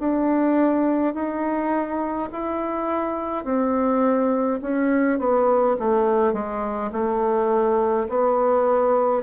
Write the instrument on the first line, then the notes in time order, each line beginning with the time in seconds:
bassoon
0.00 D4
1.14 D#4
2.32 E4
3.45 C4
4.62 C#4
5.19 B3
5.80 A3
6.33 G#3
6.92 A3
8.09 B3